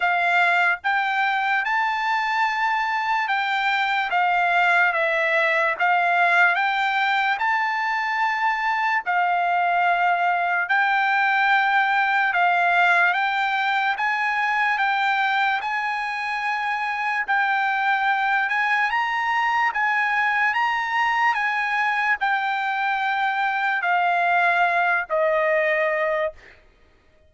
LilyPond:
\new Staff \with { instrumentName = "trumpet" } { \time 4/4 \tempo 4 = 73 f''4 g''4 a''2 | g''4 f''4 e''4 f''4 | g''4 a''2 f''4~ | f''4 g''2 f''4 |
g''4 gis''4 g''4 gis''4~ | gis''4 g''4. gis''8 ais''4 | gis''4 ais''4 gis''4 g''4~ | g''4 f''4. dis''4. | }